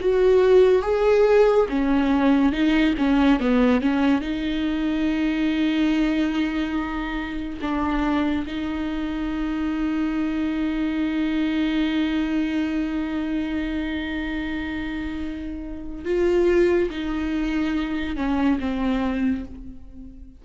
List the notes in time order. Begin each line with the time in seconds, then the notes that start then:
0.00 F#4
0.82 G#4
1.69 C#4
2.52 D#4
2.98 C#4
3.40 B3
3.81 C#4
4.21 D#4
7.61 D4
8.47 D#4
16.05 F4
16.90 D#4
18.17 C#4
18.60 C4